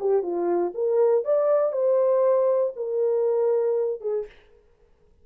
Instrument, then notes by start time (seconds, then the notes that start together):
horn
0.00 G4
0.22 F4
0.74 A#4
1.24 D5
1.72 C5
2.76 A#4
4.01 G#4